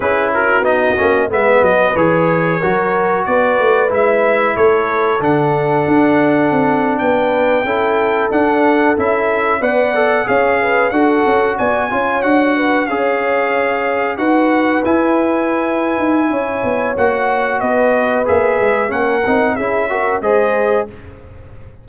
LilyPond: <<
  \new Staff \with { instrumentName = "trumpet" } { \time 4/4 \tempo 4 = 92 b'8 ais'8 dis''4 e''8 dis''8 cis''4~ | cis''4 d''4 e''4 cis''4 | fis''2~ fis''8. g''4~ g''16~ | g''8. fis''4 e''4 fis''4 f''16~ |
f''8. fis''4 gis''4 fis''4 f''16~ | f''4.~ f''16 fis''4 gis''4~ gis''16~ | gis''2 fis''4 dis''4 | e''4 fis''4 e''4 dis''4 | }
  \new Staff \with { instrumentName = "horn" } { \time 4/4 gis'8 fis'4. b'2 | ais'4 b'2 a'4~ | a'2~ a'8. b'4 a'16~ | a'2~ a'8. d''4 cis''16~ |
cis''16 b'8 a'4 d''8 cis''4 b'8 cis''16~ | cis''4.~ cis''16 b'2~ b'16~ | b'4 cis''2 b'4~ | b'4 ais'4 gis'8 ais'8 c''4 | }
  \new Staff \with { instrumentName = "trombone" } { \time 4/4 e'4 dis'8 cis'8 b4 gis'4 | fis'2 e'2 | d'2.~ d'8. e'16~ | e'8. d'4 e'4 b'8 a'8 gis'16~ |
gis'8. fis'4. f'8 fis'4 gis'16~ | gis'4.~ gis'16 fis'4 e'4~ e'16~ | e'2 fis'2 | gis'4 cis'8 dis'8 e'8 fis'8 gis'4 | }
  \new Staff \with { instrumentName = "tuba" } { \time 4/4 cis'4 b8 ais8 gis8 fis8 e4 | fis4 b8 a8 gis4 a4 | d4 d'4 c'8. b4 cis'16~ | cis'8. d'4 cis'4 b4 cis'16~ |
cis'8. d'8 cis'8 b8 cis'8 d'4 cis'16~ | cis'4.~ cis'16 dis'4 e'4~ e'16~ | e'8 dis'8 cis'8 b8 ais4 b4 | ais8 gis8 ais8 c'8 cis'4 gis4 | }
>>